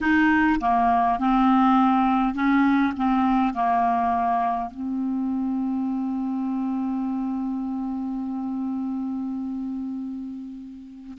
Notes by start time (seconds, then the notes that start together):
0.00 D#4
0.60 A#3
1.19 C4
2.34 C#4
2.96 C4
3.53 A#3
4.71 C4